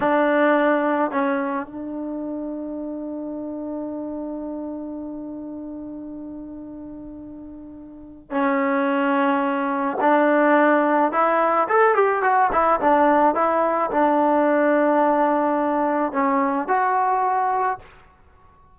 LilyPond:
\new Staff \with { instrumentName = "trombone" } { \time 4/4 \tempo 4 = 108 d'2 cis'4 d'4~ | d'1~ | d'1~ | d'2. cis'4~ |
cis'2 d'2 | e'4 a'8 g'8 fis'8 e'8 d'4 | e'4 d'2.~ | d'4 cis'4 fis'2 | }